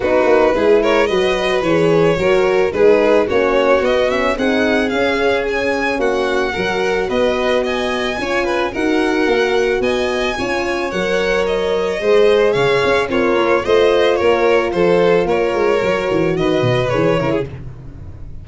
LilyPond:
<<
  \new Staff \with { instrumentName = "violin" } { \time 4/4 \tempo 4 = 110 b'4. cis''8 dis''4 cis''4~ | cis''4 b'4 cis''4 dis''8 e''8 | fis''4 f''4 gis''4 fis''4~ | fis''4 dis''4 gis''2 |
fis''2 gis''2 | fis''4 dis''2 f''4 | cis''4 dis''4 cis''4 c''4 | cis''2 dis''4 cis''4 | }
  \new Staff \with { instrumentName = "violin" } { \time 4/4 fis'4 gis'8 ais'8 b'2 | ais'4 gis'4 fis'2 | gis'2. fis'4 | ais'4 b'4 dis''4 cis''8 b'8 |
ais'2 dis''4 cis''4~ | cis''2 c''4 cis''4 | f'4 c''4 ais'4 a'4 | ais'2 b'4. ais'16 gis'16 | }
  \new Staff \with { instrumentName = "horn" } { \time 4/4 dis'4 e'4 fis'4 gis'4 | fis'4 dis'4 cis'4 b8 cis'8 | dis'4 cis'2. | fis'2. f'4 |
fis'2. f'4 | ais'2 gis'2 | ais'4 f'2.~ | f'4 fis'2 gis'8 e'8 | }
  \new Staff \with { instrumentName = "tuba" } { \time 4/4 b8 ais8 gis4 fis4 e4 | fis4 gis4 ais4 b4 | c'4 cis'2 ais4 | fis4 b2 cis'4 |
dis'4 ais4 b4 cis'4 | fis2 gis4 cis8 cis'8 | c'8 ais8 a4 ais4 f4 | ais8 gis8 fis8 e8 dis8 b,8 e8 cis8 | }
>>